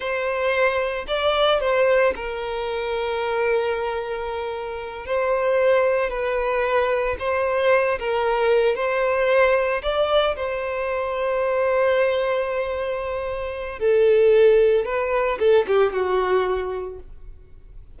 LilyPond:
\new Staff \with { instrumentName = "violin" } { \time 4/4 \tempo 4 = 113 c''2 d''4 c''4 | ais'1~ | ais'4. c''2 b'8~ | b'4. c''4. ais'4~ |
ais'8 c''2 d''4 c''8~ | c''1~ | c''2 a'2 | b'4 a'8 g'8 fis'2 | }